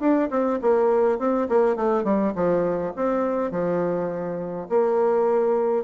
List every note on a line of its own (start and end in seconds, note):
0.00 0.29 D4
0.31 0.60 C4
0.62 1.19 A#3
1.19 1.48 C4
1.49 1.76 A#3
1.76 2.04 A3
2.04 2.33 G3
2.35 2.93 F3
2.96 3.51 C4
3.51 4.68 F3
4.69 5.84 A#3